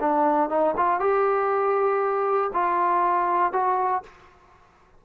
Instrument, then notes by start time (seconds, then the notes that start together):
trombone
0.00 D4
0.49 D#4
0.76 F4
0.99 G4
2.53 F4
3.52 F#4